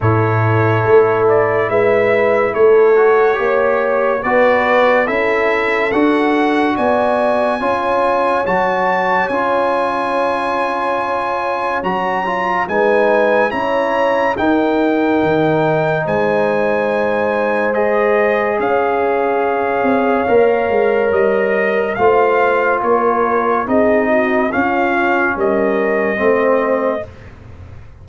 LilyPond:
<<
  \new Staff \with { instrumentName = "trumpet" } { \time 4/4 \tempo 4 = 71 cis''4. d''8 e''4 cis''4~ | cis''4 d''4 e''4 fis''4 | gis''2 a''4 gis''4~ | gis''2 ais''4 gis''4 |
ais''4 g''2 gis''4~ | gis''4 dis''4 f''2~ | f''4 dis''4 f''4 cis''4 | dis''4 f''4 dis''2 | }
  \new Staff \with { instrumentName = "horn" } { \time 4/4 a'2 b'4 a'4 | cis''4 b'4 a'2 | d''4 cis''2.~ | cis''2. b'4 |
cis''4 ais'2 c''4~ | c''2 cis''2~ | cis''2 c''4 ais'4 | gis'8 fis'8 f'4 ais'4 c''4 | }
  \new Staff \with { instrumentName = "trombone" } { \time 4/4 e'2.~ e'8 fis'8 | g'4 fis'4 e'4 fis'4~ | fis'4 f'4 fis'4 f'4~ | f'2 fis'8 f'8 dis'4 |
e'4 dis'2.~ | dis'4 gis'2. | ais'2 f'2 | dis'4 cis'2 c'4 | }
  \new Staff \with { instrumentName = "tuba" } { \time 4/4 a,4 a4 gis4 a4 | ais4 b4 cis'4 d'4 | b4 cis'4 fis4 cis'4~ | cis'2 fis4 gis4 |
cis'4 dis'4 dis4 gis4~ | gis2 cis'4. c'8 | ais8 gis8 g4 a4 ais4 | c'4 cis'4 g4 a4 | }
>>